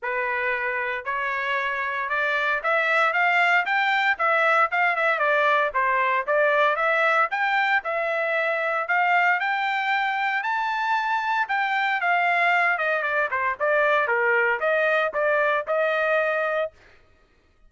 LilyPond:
\new Staff \with { instrumentName = "trumpet" } { \time 4/4 \tempo 4 = 115 b'2 cis''2 | d''4 e''4 f''4 g''4 | e''4 f''8 e''8 d''4 c''4 | d''4 e''4 g''4 e''4~ |
e''4 f''4 g''2 | a''2 g''4 f''4~ | f''8 dis''8 d''8 c''8 d''4 ais'4 | dis''4 d''4 dis''2 | }